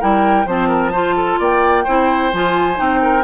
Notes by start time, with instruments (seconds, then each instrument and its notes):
0.00 bassoon G3, clarinet E4, oboe A#4, flute G5
0.46 bassoon F3, clarinet C4, oboe C5, flute A5
0.69 oboe A#4
0.92 clarinet F4, oboe C5
1.17 oboe A4
1.39 bassoon A#3, oboe D5, flute G5
1.84 bassoon C4, clarinet E4, oboe C5
2.33 bassoon F3, clarinet F4, flute G#5
2.76 bassoon C4, clarinet D#4, flute G5
3.02 oboe A#4